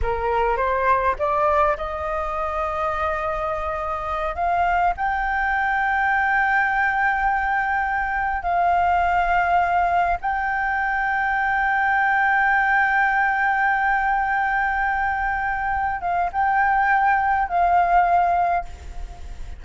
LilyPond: \new Staff \with { instrumentName = "flute" } { \time 4/4 \tempo 4 = 103 ais'4 c''4 d''4 dis''4~ | dis''2.~ dis''8 f''8~ | f''8 g''2.~ g''8~ | g''2~ g''8 f''4.~ |
f''4. g''2~ g''8~ | g''1~ | g''2.~ g''8 f''8 | g''2 f''2 | }